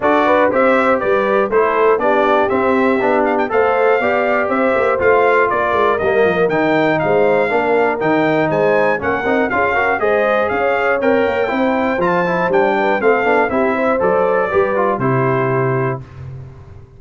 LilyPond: <<
  \new Staff \with { instrumentName = "trumpet" } { \time 4/4 \tempo 4 = 120 d''4 e''4 d''4 c''4 | d''4 e''4. f''16 g''16 f''4~ | f''4 e''4 f''4 d''4 | dis''4 g''4 f''2 |
g''4 gis''4 fis''4 f''4 | dis''4 f''4 g''2 | a''4 g''4 f''4 e''4 | d''2 c''2 | }
  \new Staff \with { instrumentName = "horn" } { \time 4/4 a'8 b'8 c''4 b'4 a'4 | g'2. c''4 | d''4 c''2 ais'4~ | ais'2 c''4 ais'4~ |
ais'4 c''4 ais'4 gis'8 ais'8 | c''4 cis''2 c''4~ | c''4. b'8 a'4 g'8 c''8~ | c''4 b'4 g'2 | }
  \new Staff \with { instrumentName = "trombone" } { \time 4/4 fis'4 g'2 e'4 | d'4 c'4 d'4 a'4 | g'2 f'2 | ais4 dis'2 d'4 |
dis'2 cis'8 dis'8 f'8 fis'8 | gis'2 ais'4 e'4 | f'8 e'8 d'4 c'8 d'8 e'4 | a'4 g'8 f'8 e'2 | }
  \new Staff \with { instrumentName = "tuba" } { \time 4/4 d'4 c'4 g4 a4 | b4 c'4 b4 a4 | b4 c'8 ais8 a4 ais8 gis8 | g8 f8 dis4 gis4 ais4 |
dis4 gis4 ais8 c'8 cis'4 | gis4 cis'4 c'8 ais8 c'4 | f4 g4 a8 b8 c'4 | fis4 g4 c2 | }
>>